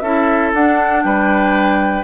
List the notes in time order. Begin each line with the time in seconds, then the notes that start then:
0.00 C#4 E4 A4 E5
0.54 D4 F#5
1.03 G3 B4 G5